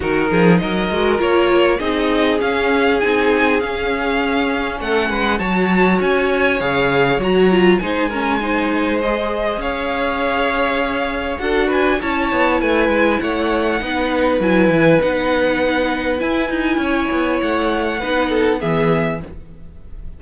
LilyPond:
<<
  \new Staff \with { instrumentName = "violin" } { \time 4/4 \tempo 4 = 100 ais'4 dis''4 cis''4 dis''4 | f''4 gis''4 f''2 | fis''4 a''4 gis''4 f''4 | ais''4 gis''2 dis''4 |
f''2. fis''8 gis''8 | a''4 gis''4 fis''2 | gis''4 fis''2 gis''4~ | gis''4 fis''2 e''4 | }
  \new Staff \with { instrumentName = "violin" } { \time 4/4 fis'8 gis'8 ais'2 gis'4~ | gis'1 | a'8 b'8 cis''2.~ | cis''4 c''8 ais'8 c''2 |
cis''2. a'8 b'8 | cis''4 b'4 cis''4 b'4~ | b'1 | cis''2 b'8 a'8 gis'4 | }
  \new Staff \with { instrumentName = "viola" } { \time 4/4 dis'4. fis'8 f'4 dis'4 | cis'4 dis'4 cis'2~ | cis'4 fis'2 gis'4 | fis'8 f'8 dis'8 cis'8 dis'4 gis'4~ |
gis'2. fis'4 | e'2. dis'4 | e'4 dis'2 e'4~ | e'2 dis'4 b4 | }
  \new Staff \with { instrumentName = "cello" } { \time 4/4 dis8 f8 fis8 gis8 ais4 c'4 | cis'4 c'4 cis'2 | a8 gis8 fis4 cis'4 cis4 | fis4 gis2. |
cis'2. d'4 | cis'8 b8 a8 gis8 a4 b4 | fis8 e8 b2 e'8 dis'8 | cis'8 b8 a4 b4 e4 | }
>>